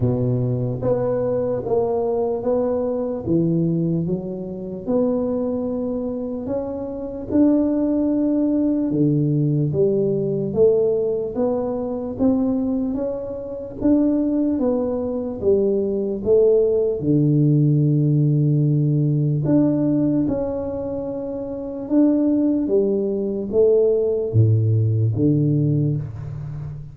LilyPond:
\new Staff \with { instrumentName = "tuba" } { \time 4/4 \tempo 4 = 74 b,4 b4 ais4 b4 | e4 fis4 b2 | cis'4 d'2 d4 | g4 a4 b4 c'4 |
cis'4 d'4 b4 g4 | a4 d2. | d'4 cis'2 d'4 | g4 a4 a,4 d4 | }